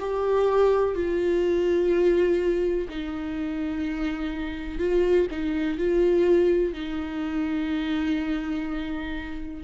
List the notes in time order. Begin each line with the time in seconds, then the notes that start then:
0.00 G4
0.95 F4
2.89 D#4
4.79 F4
5.31 D#4
5.78 F4
6.73 D#4